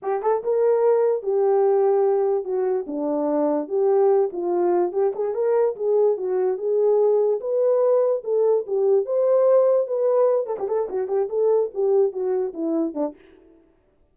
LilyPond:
\new Staff \with { instrumentName = "horn" } { \time 4/4 \tempo 4 = 146 g'8 a'8 ais'2 g'4~ | g'2 fis'4 d'4~ | d'4 g'4. f'4. | g'8 gis'8 ais'4 gis'4 fis'4 |
gis'2 b'2 | a'4 g'4 c''2 | b'4. a'16 g'16 a'8 fis'8 g'8 a'8~ | a'8 g'4 fis'4 e'4 d'8 | }